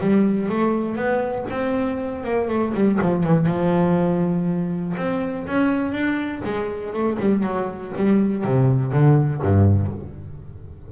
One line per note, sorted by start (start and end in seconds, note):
0.00 0.49 G3
0.49 0.96 A3
0.96 1.45 B3
1.50 2.23 C4
2.23 2.48 A#3
2.48 2.73 A3
2.74 2.99 G3
3.01 3.23 F3
3.23 3.46 E3
3.46 4.95 F3
4.96 5.46 C4
5.47 5.92 C#4
5.92 6.41 D4
6.44 6.93 G#3
6.93 7.17 A3
7.19 7.43 G3
7.43 7.92 F#3
7.96 8.44 G3
8.44 8.92 C3
8.92 9.41 D3
9.42 9.91 G2